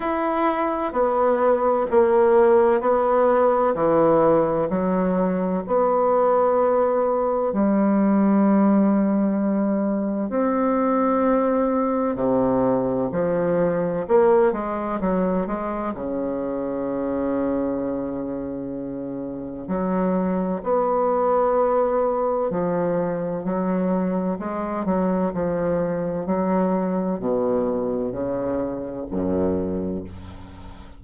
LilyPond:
\new Staff \with { instrumentName = "bassoon" } { \time 4/4 \tempo 4 = 64 e'4 b4 ais4 b4 | e4 fis4 b2 | g2. c'4~ | c'4 c4 f4 ais8 gis8 |
fis8 gis8 cis2.~ | cis4 fis4 b2 | f4 fis4 gis8 fis8 f4 | fis4 b,4 cis4 fis,4 | }